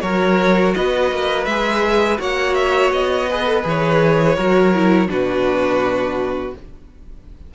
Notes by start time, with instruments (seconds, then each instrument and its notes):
0.00 cello F#3, viola F#4, violin A#4 C#5
0.74 cello B3, violin B4 D#5
1.11 cello A#3
1.45 cello G#3, viola G#4, violin E5
2.17 cello A#3, viola F#4, violin C#5 F#5
2.54 violin E5
2.91 cello B3, violin D#5
3.28 viola G#4, violin B4
3.45 viola A4
3.62 cello E3, viola G#4, violin C#5
4.35 cello F#3, viola F#4, violin A#4
4.74 viola E4
5.08 cello B2, viola D4, violin F#4 B4